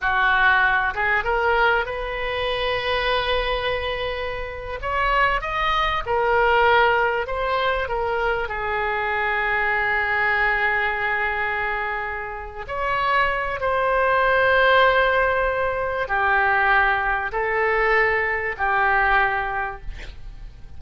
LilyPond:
\new Staff \with { instrumentName = "oboe" } { \time 4/4 \tempo 4 = 97 fis'4. gis'8 ais'4 b'4~ | b'2.~ b'8. cis''16~ | cis''8. dis''4 ais'2 c''16~ | c''8. ais'4 gis'2~ gis'16~ |
gis'1~ | gis'8 cis''4. c''2~ | c''2 g'2 | a'2 g'2 | }